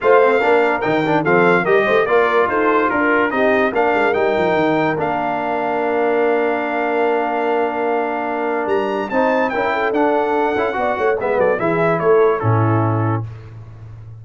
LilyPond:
<<
  \new Staff \with { instrumentName = "trumpet" } { \time 4/4 \tempo 4 = 145 f''2 g''4 f''4 | dis''4 d''4 c''4 ais'4 | dis''4 f''4 g''2 | f''1~ |
f''1~ | f''4 ais''4 a''4 g''4 | fis''2. e''8 d''8 | e''4 cis''4 a'2 | }
  \new Staff \with { instrumentName = "horn" } { \time 4/4 c''4 ais'2 a'4 | ais'8 c''8 ais'4 a'4 ais'4 | g'4 ais'2.~ | ais'1~ |
ais'1~ | ais'2 c''4 ais'8 a'8~ | a'2 d''8 cis''8 b'8 a'8 | gis'4 a'4 e'2 | }
  \new Staff \with { instrumentName = "trombone" } { \time 4/4 f'8 c'8 d'4 dis'8 d'8 c'4 | g'4 f'2. | dis'4 d'4 dis'2 | d'1~ |
d'1~ | d'2 dis'4 e'4 | d'4. e'8 fis'4 b4 | e'2 cis'2 | }
  \new Staff \with { instrumentName = "tuba" } { \time 4/4 a4 ais4 dis4 f4 | g8 a8 ais4 dis'4 d'4 | c'4 ais8 gis8 g8 f8 dis4 | ais1~ |
ais1~ | ais4 g4 c'4 cis'4 | d'4. cis'8 b8 a8 gis8 fis8 | e4 a4 a,2 | }
>>